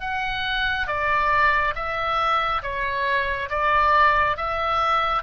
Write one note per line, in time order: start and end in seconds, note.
0.00 0.87 F#5
0.87 1.74 D5
1.75 2.62 E5
2.62 3.49 C#5
3.49 4.36 D5
4.37 5.23 E5